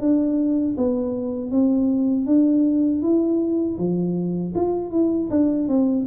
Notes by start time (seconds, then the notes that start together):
0.00 D4
0.77 B3
1.51 C4
2.26 D4
3.02 E4
3.77 F3
4.55 F4
4.91 E4
5.30 D4
5.68 C4